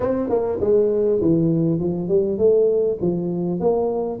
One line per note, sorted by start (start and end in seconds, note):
0.00 0.29 C4
0.29 0.59 A#3
0.60 1.20 G#3
1.21 1.79 E3
1.79 2.08 F3
2.08 2.38 G3
2.38 2.98 A3
3.01 3.59 F3
3.59 4.19 A#3